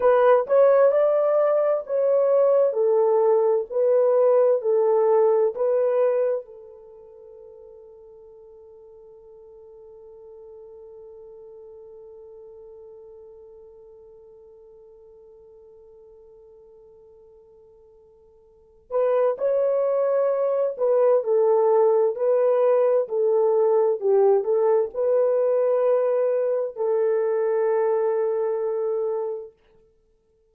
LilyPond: \new Staff \with { instrumentName = "horn" } { \time 4/4 \tempo 4 = 65 b'8 cis''8 d''4 cis''4 a'4 | b'4 a'4 b'4 a'4~ | a'1~ | a'1~ |
a'1~ | a'8 b'8 cis''4. b'8 a'4 | b'4 a'4 g'8 a'8 b'4~ | b'4 a'2. | }